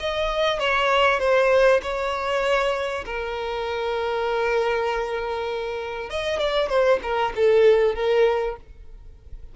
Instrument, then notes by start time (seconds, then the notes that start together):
violin
0.00 D#5
0.60 C#5
1.20 C5
1.82 C#5
3.06 A#4
6.10 D#5
6.40 D5
6.69 C5
7.03 A#4
7.36 A4
7.95 A#4